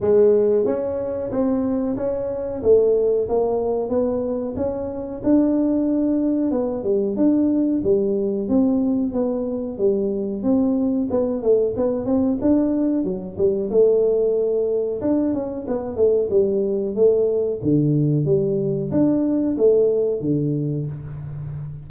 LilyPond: \new Staff \with { instrumentName = "tuba" } { \time 4/4 \tempo 4 = 92 gis4 cis'4 c'4 cis'4 | a4 ais4 b4 cis'4 | d'2 b8 g8 d'4 | g4 c'4 b4 g4 |
c'4 b8 a8 b8 c'8 d'4 | fis8 g8 a2 d'8 cis'8 | b8 a8 g4 a4 d4 | g4 d'4 a4 d4 | }